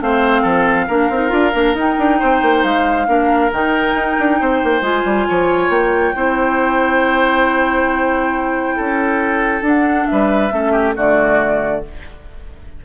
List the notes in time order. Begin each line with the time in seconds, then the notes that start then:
0.00 A3 C4 C5 F5
0.42 F3 A4
0.87 A#3 D4 A#4
1.09 C4 D#4
1.28 D4 F4
1.53 A#3 D4
1.74 D#4 G5
1.98 D4
2.19 C4 C5
2.42 A#3
2.63 G#3 F5
3.07 A#3 D4 A#4
3.52 D#3 D#4 G5
3.93 D#4
4.19 D4
4.40 C4 C5
4.63 A#3
4.81 G#3 F4 G#5
5.04 G3
5.28 F3 C#5
5.69 A#3 G5
6.15 C4 E4 C5
8.76 C#4 A4
9.61 D4 F#5
10.06 G3 B4 E5
10.51 A3 C#4 A4
10.72 G4
10.95 D3 A3 F#4 D5